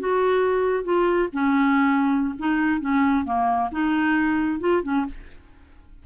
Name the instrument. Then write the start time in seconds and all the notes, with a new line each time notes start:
clarinet
0.00 F#4
0.84 F4
1.33 C#4
2.39 D#4
2.81 C#4
3.25 A#3
3.72 D#4
4.61 F4
4.84 C#4